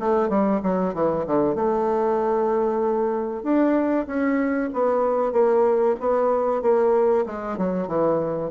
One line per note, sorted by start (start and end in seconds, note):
0.00 0.30 A3
0.30 0.61 G3
0.63 0.95 F#3
0.95 1.26 E3
1.27 1.56 D3
1.56 3.43 A3
3.43 4.07 D4
4.07 4.71 C#4
4.74 5.33 B3
5.33 5.96 A#3
6.01 6.63 B3
6.63 7.26 A#3
7.26 7.58 G#3
7.58 7.88 F#3
7.88 8.51 E3